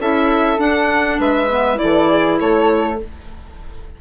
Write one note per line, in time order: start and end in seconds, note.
0.00 0.59 C#4
0.00 0.58 E4
0.00 1.20 A4
0.00 0.60 E5
0.58 1.48 D4
0.58 1.19 D4
0.58 1.20 F#5
1.20 1.80 G#3
1.20 1.80 B4
1.20 1.79 E5
1.50 1.76 B3
1.76 2.96 E4
1.76 2.39 D5
1.83 2.41 E3
1.83 2.09 A4
2.09 2.39 G#4
2.40 3.01 A3
2.40 3.01 A4
2.40 3.00 C#5